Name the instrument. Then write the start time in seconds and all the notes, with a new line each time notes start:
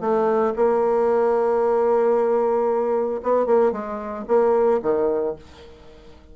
bassoon
0.00 A3
0.56 A#3
3.22 B3
3.46 A#3
3.71 G#3
4.27 A#3
4.82 D#3